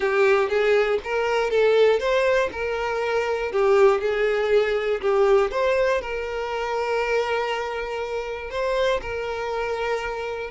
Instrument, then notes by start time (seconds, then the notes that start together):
violin
0.00 G4
0.49 G#4
1.04 A#4
1.50 A4
1.99 C5
2.52 A#4
3.51 G4
4.00 G#4
5.01 G4
5.51 C5
6.01 A#4
8.50 C5
9.01 A#4